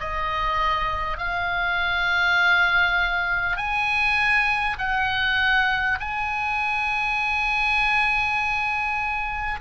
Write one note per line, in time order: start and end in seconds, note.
0.00 1.17 D#5
1.17 3.57 F5
3.57 4.77 G#5
4.78 5.98 F#5
6.00 9.60 G#5